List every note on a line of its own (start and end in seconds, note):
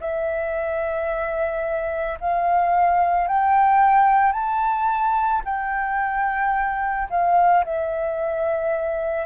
0.00 2.18 E5
2.20 3.27 F5
3.27 4.32 G5
4.32 5.41 A5
5.44 7.08 G5
7.10 7.64 F5
7.64 9.26 E5